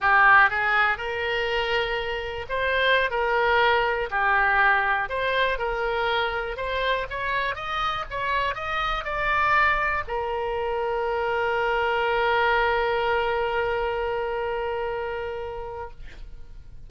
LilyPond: \new Staff \with { instrumentName = "oboe" } { \time 4/4 \tempo 4 = 121 g'4 gis'4 ais'2~ | ais'4 c''4~ c''16 ais'4.~ ais'16~ | ais'16 g'2 c''4 ais'8.~ | ais'4~ ais'16 c''4 cis''4 dis''8.~ |
dis''16 cis''4 dis''4 d''4.~ d''16~ | d''16 ais'2.~ ais'8.~ | ais'1~ | ais'1 | }